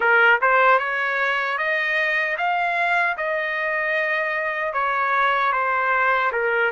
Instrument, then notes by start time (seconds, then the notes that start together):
trumpet
0.00 A#4
0.41 C5
0.79 C#5
1.58 D#5
2.37 F5
3.17 D#5
4.73 C#5
5.52 C5
6.32 A#4